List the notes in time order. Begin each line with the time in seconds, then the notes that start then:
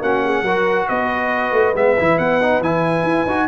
0.00 A#3 C#4 F#4 F#5
0.24 G#4
0.42 F#3 F#4 A#4
0.88 B3 B4 D#5
1.51 A3
1.74 G#3 B3 E5
1.99 E3 E4
2.18 B3 F#5
2.41 D#4
2.60 E3 E4 G#5
3.03 E4
3.26 D#4 F#4